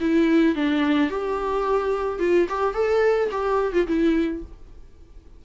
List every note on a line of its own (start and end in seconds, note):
0.00 0.55 E4
0.55 1.10 D4
1.10 2.19 G4
2.19 2.47 F4
2.48 2.74 G4
2.74 3.29 A4
3.31 3.73 G4
3.73 3.87 F4
3.87 4.42 E4